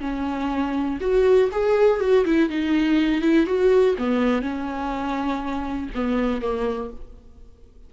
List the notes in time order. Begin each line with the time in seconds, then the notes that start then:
0.00 C#4
1.01 F#4
1.51 G#4
2.00 F#4
2.25 E4
2.49 D#4
3.21 E4
3.46 F#4
3.98 B3
4.42 C#4
5.95 B3
6.41 A#3